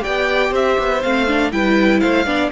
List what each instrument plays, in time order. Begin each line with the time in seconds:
0.00 viola G4, violin D5 G5
0.07 cello B3
0.51 cello C4, violin C5 E5
0.79 cello B3
1.03 cello A3, viola C4, violin F5
1.28 viola D4
1.52 cello G3, viola E4, violin B4 G5
2.00 cello A3, violin C5 F5
2.26 cello B3, viola D4, violin D5